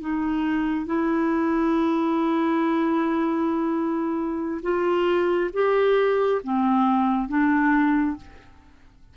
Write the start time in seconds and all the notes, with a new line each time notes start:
0.00 D#4
0.86 E4
4.62 F4
5.53 G4
6.43 C4
7.28 D4